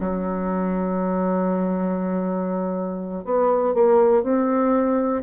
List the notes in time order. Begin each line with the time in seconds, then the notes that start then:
0.00 F#3
3.25 B3
3.74 A#3
4.23 C4